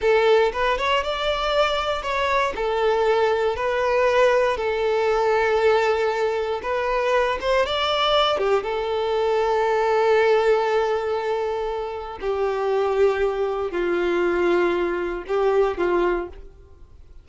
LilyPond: \new Staff \with { instrumentName = "violin" } { \time 4/4 \tempo 4 = 118 a'4 b'8 cis''8 d''2 | cis''4 a'2 b'4~ | b'4 a'2.~ | a'4 b'4. c''8 d''4~ |
d''8 g'8 a'2.~ | a'1 | g'2. f'4~ | f'2 g'4 f'4 | }